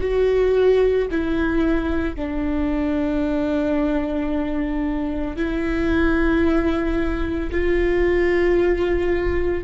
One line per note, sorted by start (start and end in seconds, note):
0.00 1.07 F#4
1.11 2.15 E4
2.15 5.36 D4
5.36 7.50 E4
7.51 9.64 F4